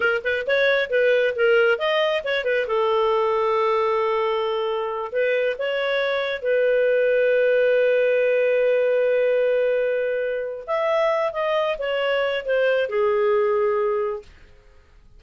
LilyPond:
\new Staff \with { instrumentName = "clarinet" } { \time 4/4 \tempo 4 = 135 ais'8 b'8 cis''4 b'4 ais'4 | dis''4 cis''8 b'8 a'2~ | a'2.~ a'8 b'8~ | b'8 cis''2 b'4.~ |
b'1~ | b'1 | e''4. dis''4 cis''4. | c''4 gis'2. | }